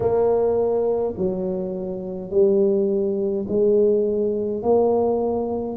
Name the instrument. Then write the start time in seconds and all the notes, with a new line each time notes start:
tuba
0.00 A#3
1.17 F#3
2.30 G3
3.48 G#3
4.62 A#3